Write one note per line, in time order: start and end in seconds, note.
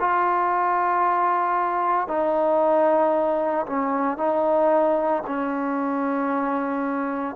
0.00 2.08 F4
2.08 3.66 D#4
3.66 4.17 C#4
4.17 5.22 D#4
5.26 7.36 C#4